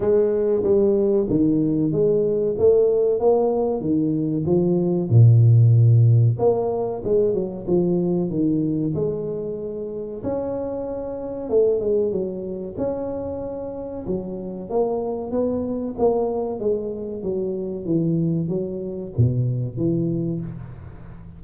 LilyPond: \new Staff \with { instrumentName = "tuba" } { \time 4/4 \tempo 4 = 94 gis4 g4 dis4 gis4 | a4 ais4 dis4 f4 | ais,2 ais4 gis8 fis8 | f4 dis4 gis2 |
cis'2 a8 gis8 fis4 | cis'2 fis4 ais4 | b4 ais4 gis4 fis4 | e4 fis4 b,4 e4 | }